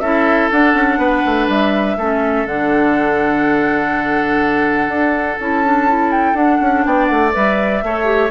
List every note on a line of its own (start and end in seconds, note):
0.00 0.49 C#4
0.00 0.52 E4
0.00 0.99 A4
0.00 0.49 E5
0.51 1.98 D4
0.51 0.74 D4
0.51 1.49 F#5
0.74 0.98 C#4
0.98 1.22 B3
0.98 1.96 B4
1.26 1.48 A3
1.48 1.97 G3
1.48 2.47 E5
1.97 2.45 A3
1.97 2.47 C#4
1.97 6.85 A4
2.45 4.88 D3
2.45 5.40 D4
2.45 5.40 F#5
4.88 5.37 D4
5.40 6.34 C#4
5.40 5.65 E4
5.40 6.12 A5
5.65 5.88 D4
5.88 6.35 E4
6.12 6.36 G5
6.34 6.58 D4
6.34 7.32 D4
6.34 6.85 F#5
6.61 6.85 C#4
6.85 7.10 B3
6.85 7.84 D5
6.85 7.06 G5
7.06 7.34 A3
7.06 7.30 F#5
7.32 7.83 G3
7.32 7.81 B4
7.32 8.31 E5
7.83 8.31 A3
7.83 8.05 A4
7.83 8.31 C#5
8.05 8.29 G4